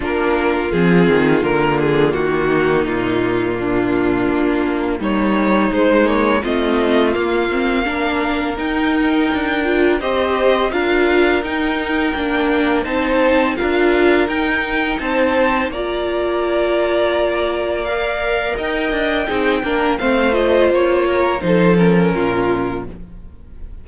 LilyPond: <<
  \new Staff \with { instrumentName = "violin" } { \time 4/4 \tempo 4 = 84 ais'4 gis'4 ais'8 gis'8 fis'4 | f'2. cis''4 | c''8 cis''8 dis''4 f''2 | g''2 dis''4 f''4 |
g''2 a''4 f''4 | g''4 a''4 ais''2~ | ais''4 f''4 g''2 | f''8 dis''8 cis''4 c''8 ais'4. | }
  \new Staff \with { instrumentName = "violin" } { \time 4/4 f'2.~ f'8 dis'8~ | dis'4 d'2 dis'4~ | dis'4 f'2 ais'4~ | ais'2 c''4 ais'4~ |
ais'2 c''4 ais'4~ | ais'4 c''4 d''2~ | d''2 dis''4 gis'8 ais'8 | c''4. ais'8 a'4 f'4 | }
  \new Staff \with { instrumentName = "viola" } { \time 4/4 d'4 c'4 ais2~ | ais1 | gis8 ais8 c'4 ais8 c'8 d'4 | dis'4. f'8 g'4 f'4 |
dis'4 d'4 dis'4 f'4 | dis'2 f'2~ | f'4 ais'2 dis'8 d'8 | c'8 f'4. dis'8 cis'4. | }
  \new Staff \with { instrumentName = "cello" } { \time 4/4 ais4 f8 dis8 d4 dis4 | ais,2 ais4 g4 | gis4 a4 ais2 | dis'4 d'4 c'4 d'4 |
dis'4 ais4 c'4 d'4 | dis'4 c'4 ais2~ | ais2 dis'8 d'8 c'8 ais8 | a4 ais4 f4 ais,4 | }
>>